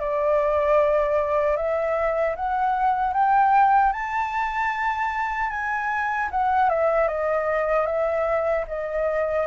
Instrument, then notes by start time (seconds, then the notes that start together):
flute
0.00 D5
1.57 E5
2.36 F#5
3.14 G5
3.93 A5
5.50 G#5
6.31 F#5
6.70 E5
7.08 D#5
7.86 E5
8.68 D#5